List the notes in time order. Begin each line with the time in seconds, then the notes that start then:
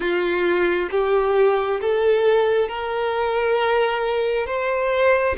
0.00 F4
0.90 G4
1.81 A4
2.68 A#4
4.46 C5